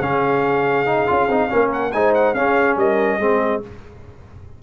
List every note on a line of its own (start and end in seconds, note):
0.00 1.06 C#3
0.00 0.85 C#4
0.00 1.50 G#4
0.00 1.71 F5
0.85 1.07 D#4
1.07 1.28 C#4
1.07 1.28 F4
1.28 1.49 C4
1.28 1.49 D#4
1.49 1.93 A#3
1.49 1.91 C#4
1.49 1.93 A#4
1.72 1.92 F#5
1.92 2.34 G#3
1.92 2.35 D#4
1.92 2.37 C5
1.92 2.13 G#5
2.14 2.34 F#5
2.34 2.76 C#4
2.34 3.20 C#4
2.34 2.78 G#4
2.34 2.76 F5
2.76 3.18 G3
2.76 3.19 A#4
2.76 3.62 D#5
3.18 3.61 G#3
3.18 3.62 C4
3.18 3.61 G#4